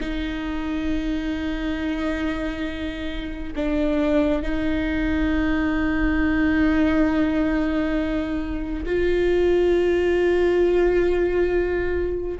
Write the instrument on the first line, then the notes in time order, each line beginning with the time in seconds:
viola
0.00 D#4
3.55 D4
4.42 D#4
8.86 F4